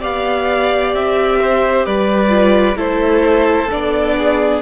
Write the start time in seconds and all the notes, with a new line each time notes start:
0.00 B3 G4 D5 F5
0.94 C4 E5
1.41 C5
1.85 G3 B4 D5
2.29 F4
2.76 A3 E4 A4 C5
3.71 B3 D4 D5
4.17 G#4